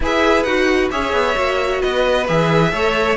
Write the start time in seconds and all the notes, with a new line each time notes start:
0.00 E4 G#4 B4 E5
0.43 D#4 F#4 F#5
0.91 C#4 G#4 C#5 E5
1.12 B3
1.34 A#3 F#4
1.81 B3 B4 D#5
2.27 E3 G#4 E5
2.72 A3 A4 C#5